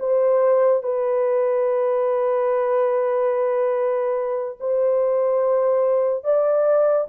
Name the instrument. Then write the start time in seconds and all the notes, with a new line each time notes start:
horn
0.00 C5
0.83 B4
4.60 C5
6.24 D5